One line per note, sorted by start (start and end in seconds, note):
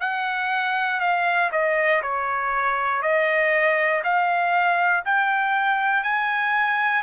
0.00 1.00 F#5
1.00 1.50 F5
1.52 2.02 D#5
2.02 3.02 C#5
3.02 4.02 D#5
4.04 5.04 F5
5.05 6.03 G5
6.03 7.02 G#5